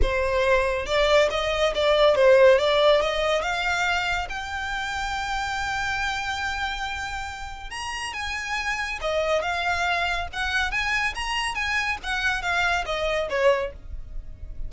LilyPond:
\new Staff \with { instrumentName = "violin" } { \time 4/4 \tempo 4 = 140 c''2 d''4 dis''4 | d''4 c''4 d''4 dis''4 | f''2 g''2~ | g''1~ |
g''2 ais''4 gis''4~ | gis''4 dis''4 f''2 | fis''4 gis''4 ais''4 gis''4 | fis''4 f''4 dis''4 cis''4 | }